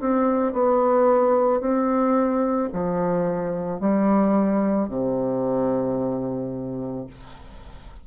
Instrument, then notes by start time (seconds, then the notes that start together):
bassoon
0.00 C4
0.53 B3
1.61 C4
2.73 F3
3.80 G3
4.89 C3